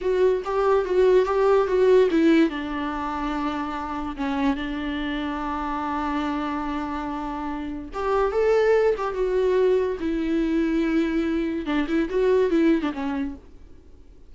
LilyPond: \new Staff \with { instrumentName = "viola" } { \time 4/4 \tempo 4 = 144 fis'4 g'4 fis'4 g'4 | fis'4 e'4 d'2~ | d'2 cis'4 d'4~ | d'1~ |
d'2. g'4 | a'4. g'8 fis'2 | e'1 | d'8 e'8 fis'4 e'8. d'16 cis'4 | }